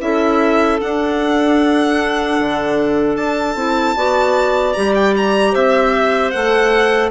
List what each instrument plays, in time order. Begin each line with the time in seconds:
0.00 bassoon C#4, clarinet E4 A4, violin E5
0.80 clarinet D4, bassoon D4, violin F#5
2.39 bassoon D3
3.16 bassoon D4, violin A5
3.55 bassoon C4, clarinet E4
3.96 bassoon B3, clarinet F#4 D5
4.73 bassoon G3, clarinet G4, violin A#5
4.95 violin G5
5.16 violin A#5
5.52 bassoon C4, clarinet C5, violin E5
6.31 bassoon A3, clarinet A4, violin F#5